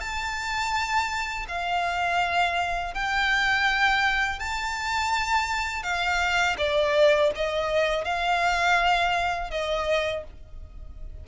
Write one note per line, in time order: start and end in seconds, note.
0.00 1.46 A5
1.48 2.94 F5
2.94 4.39 G5
4.39 5.83 A5
5.83 6.56 F5
6.58 7.31 D5
7.35 8.05 D#5
8.05 9.50 F5
9.50 10.23 D#5